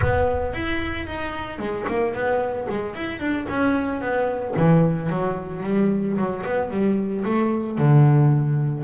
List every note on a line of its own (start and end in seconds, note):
0.01 0.53 B3
0.53 1.06 E4
1.06 1.59 D#4
1.59 1.85 G#3
1.87 2.14 A#3
2.14 2.67 B3
2.69 2.95 G#3
2.95 3.19 E4
3.19 3.46 D4
3.49 4.01 C#4
4.01 4.54 B3
4.56 5.09 E3
5.09 5.62 F#3
5.63 6.17 G3
6.17 6.43 F#3
6.45 6.70 B3
6.70 7.23 G3
7.24 7.78 A3
7.78 8.83 D3